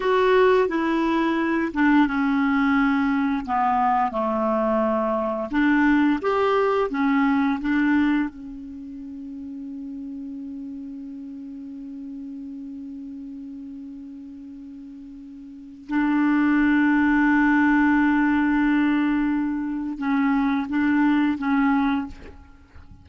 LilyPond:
\new Staff \with { instrumentName = "clarinet" } { \time 4/4 \tempo 4 = 87 fis'4 e'4. d'8 cis'4~ | cis'4 b4 a2 | d'4 g'4 cis'4 d'4 | cis'1~ |
cis'1~ | cis'2. d'4~ | d'1~ | d'4 cis'4 d'4 cis'4 | }